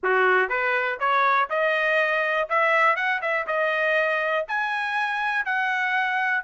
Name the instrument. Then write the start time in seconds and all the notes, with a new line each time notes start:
trumpet
0.03 F#4
0.49 B4
0.99 C#5
1.49 D#5
2.49 E5
2.96 F#5
3.21 E5
3.46 D#5
4.48 G#5
5.45 F#5